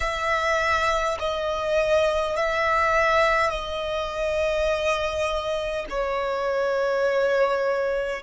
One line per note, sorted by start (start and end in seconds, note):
0.00 1.18 E5
1.19 2.36 D#5
2.36 3.50 E5
3.50 5.85 D#5
5.89 8.22 C#5